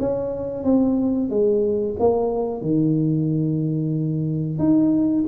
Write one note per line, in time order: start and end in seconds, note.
0.00 0.64 C#4
0.64 1.30 C4
1.30 1.96 G#3
2.00 2.62 A#3
2.62 4.59 D#3
4.59 5.25 D#4